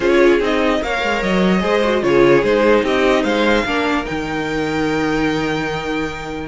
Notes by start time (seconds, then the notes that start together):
0.00 C#4 F4 G#4 C#5
0.40 C4 D#4 D#5
0.81 A#3 A#4 C#5 F5
1.02 G#3
1.22 F#3 D#5
1.60 G#3 G#4 C5
1.83 F#4
2.01 C#3 F4 G#4 C#5
2.42 G#3 D#4 C5
2.83 C4 G4 D#5
3.23 G#3 C5 F5
3.65 A#3 D4 A#4
4.05 D#3 D#4 G5